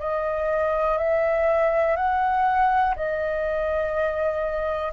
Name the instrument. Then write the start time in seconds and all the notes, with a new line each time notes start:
flute
0.00 D#5
0.98 E5
1.97 F#5
2.96 D#5